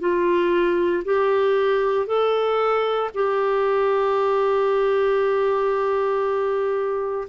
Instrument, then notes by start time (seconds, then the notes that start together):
clarinet
0.00 F4
1.05 G4
2.07 A4
3.15 G4